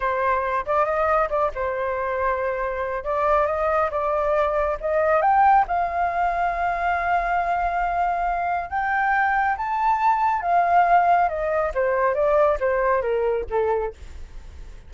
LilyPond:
\new Staff \with { instrumentName = "flute" } { \time 4/4 \tempo 4 = 138 c''4. d''8 dis''4 d''8 c''8~ | c''2. d''4 | dis''4 d''2 dis''4 | g''4 f''2.~ |
f''1 | g''2 a''2 | f''2 dis''4 c''4 | d''4 c''4 ais'4 a'4 | }